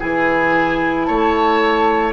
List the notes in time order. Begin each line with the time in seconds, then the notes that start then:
0.00 E3 E4 G#4 G#5
1.06 A3 C#5 A5